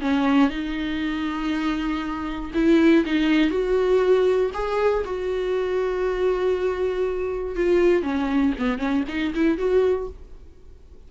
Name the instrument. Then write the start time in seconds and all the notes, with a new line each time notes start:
viola
0.00 C#4
0.49 D#4
2.54 E4
3.05 D#4
3.50 F#4
4.53 G#4
5.05 F#4
7.55 F4
8.02 C#4
8.58 B3
8.78 C#4
9.08 D#4
9.34 E4
9.57 F#4